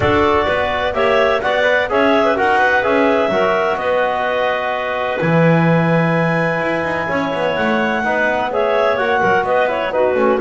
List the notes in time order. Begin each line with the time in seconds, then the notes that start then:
0.00 D4 F#4 A4 D5
0.46 B3 B4
0.93 A#3 G4 C#5 E5
1.41 B3 F#4 D5 F#5
1.63 B4
1.89 C#4 G#4 C#5 E5
2.24 B4
2.35 D#4 F#4 A#4 F#5
2.58 B4
2.82 C#4 G#4 E5
3.28 F#3 F#4 A#4
3.76 B3 B4 D#5
5.20 E3 E4 G#5
6.61 E4
6.83 D#4
7.08 C#4 C#5
7.33 B3
7.56 A3 F#5
8.04 B3 D#4 B4
8.51 G#4 C#5 E5
8.97 A#3 F#4 F#5
9.21 F#3 A#4
9.43 B3 B4 D#5
9.67 E4 C#5
9.92 D#4 F#4 B4
10.15 A3 C#4